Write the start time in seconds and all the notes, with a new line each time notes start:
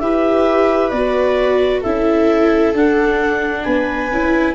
0.00 E4 G4 B4 E5
0.90 B3 F#4 D5
1.81 C#4 E4 A4 E5
2.74 D4 F#5
3.64 B3 B4 G#5
4.11 C#4 E4